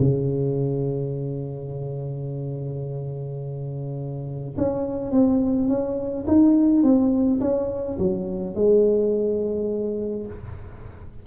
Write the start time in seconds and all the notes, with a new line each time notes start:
0.00 C#3
4.58 C#4
5.12 C4
5.69 C#4
6.28 D#4
6.84 C4
7.41 C#4
7.99 F#3
8.55 G#3